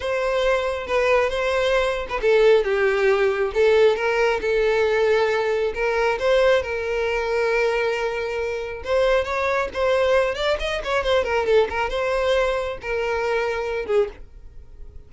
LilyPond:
\new Staff \with { instrumentName = "violin" } { \time 4/4 \tempo 4 = 136 c''2 b'4 c''4~ | c''8. b'16 a'4 g'2 | a'4 ais'4 a'2~ | a'4 ais'4 c''4 ais'4~ |
ais'1 | c''4 cis''4 c''4. d''8 | dis''8 cis''8 c''8 ais'8 a'8 ais'8 c''4~ | c''4 ais'2~ ais'8 gis'8 | }